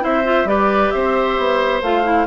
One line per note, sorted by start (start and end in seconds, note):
0.00 0.44 C4
0.00 0.23 E4
0.00 0.48 C5
0.00 0.47 E5
0.24 0.46 F4
0.44 0.89 G3
0.44 1.82 G4
0.44 0.93 B4
0.44 0.90 D5
0.90 1.37 C4
0.90 2.26 C5
0.90 1.80 E5
1.37 1.81 B3
1.81 2.26 A3
1.81 2.03 F4
1.81 2.26 F5
2.03 2.26 E4